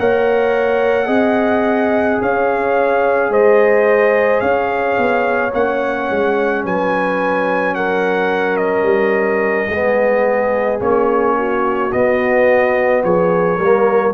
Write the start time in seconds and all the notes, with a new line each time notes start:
0.00 A#3 A#4 C#5 F#5
1.06 C4 G#4 D#5
2.22 C#4 C#5 F5
3.30 G#3 C5 D#5
4.41 C#4 C#5 F5
4.98 B3
5.54 A#3 C#4 F#5
6.11 G#3
6.65 F#3 B4 G#5
7.75 A#4 F#5
8.57 D#5
8.83 G3
9.69 G#3 B3 G#4
10.80 A#3 C#4 C#5
11.39 F#4
11.93 B3 D#5
13.04 F3 G#4 C#5
13.59 G3 A#3 A#4